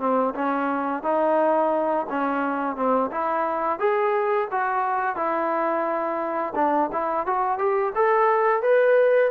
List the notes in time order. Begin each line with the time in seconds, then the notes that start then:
0.00 C4
0.35 C#4
1.03 D#4
2.10 C#4
2.76 C4
3.12 E4
3.80 G#4
4.52 F#4
5.16 E4
6.56 D4
6.92 E4
7.27 F#4
7.59 G4
7.96 A4
8.63 B4